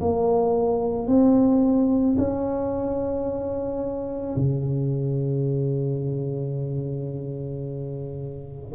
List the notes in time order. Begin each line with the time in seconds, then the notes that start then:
0.00 A#3
1.07 C4
2.18 C#4
4.36 C#3